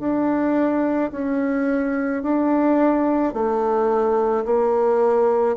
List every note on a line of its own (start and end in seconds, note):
0.00 1.11 D4
1.12 2.23 C#4
2.23 3.34 D4
3.34 4.45 A3
4.45 5.57 A#3